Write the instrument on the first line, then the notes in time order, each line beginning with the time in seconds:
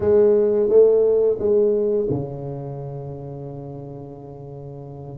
tuba
0.00 G#3
0.69 A3
1.38 G#3
2.09 C#3